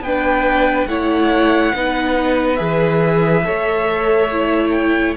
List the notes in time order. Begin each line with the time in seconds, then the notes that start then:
0.00 B3 B4 G5
0.06 D4
0.86 A3 E4 C#5 F#5
1.74 B3 D#4 B4
2.56 E3 G#4 E5
3.43 A3 A4 C#5
4.31 E4
4.71 G5